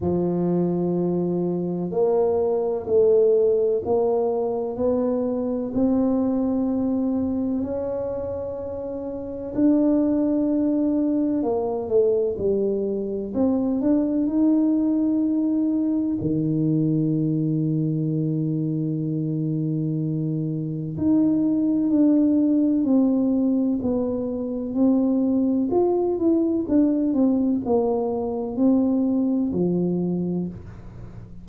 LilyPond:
\new Staff \with { instrumentName = "tuba" } { \time 4/4 \tempo 4 = 63 f2 ais4 a4 | ais4 b4 c'2 | cis'2 d'2 | ais8 a8 g4 c'8 d'8 dis'4~ |
dis'4 dis2.~ | dis2 dis'4 d'4 | c'4 b4 c'4 f'8 e'8 | d'8 c'8 ais4 c'4 f4 | }